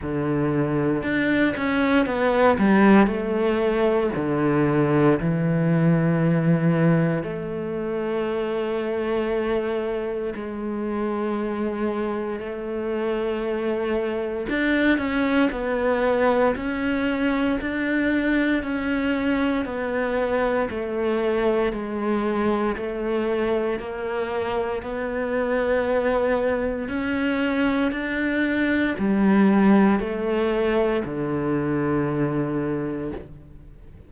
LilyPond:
\new Staff \with { instrumentName = "cello" } { \time 4/4 \tempo 4 = 58 d4 d'8 cis'8 b8 g8 a4 | d4 e2 a4~ | a2 gis2 | a2 d'8 cis'8 b4 |
cis'4 d'4 cis'4 b4 | a4 gis4 a4 ais4 | b2 cis'4 d'4 | g4 a4 d2 | }